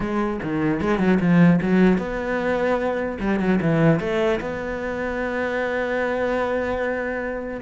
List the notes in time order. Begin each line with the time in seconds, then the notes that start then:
0.00 G#3
0.42 D#3
0.81 G#3
0.98 F#3
1.20 F3
1.61 F#3
1.98 B3
3.19 G3
3.39 F#3
3.61 E3
3.99 A3
4.40 B3